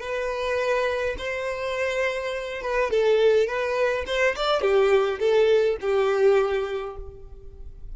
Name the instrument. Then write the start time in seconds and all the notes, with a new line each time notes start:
violin
0.00 B4
1.18 C5
2.62 B4
2.91 A4
3.47 B4
4.06 C5
4.36 D5
4.61 G4
5.19 A4
5.81 G4